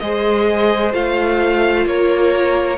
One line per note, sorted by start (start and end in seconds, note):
0.00 0.94 G#3
0.00 0.92 G#4
0.00 1.88 C5
0.00 0.92 D#5
0.92 1.86 A3
0.92 2.77 F4
0.92 1.87 F5
1.86 2.79 A#3
1.86 2.79 A#4
1.86 2.79 C#5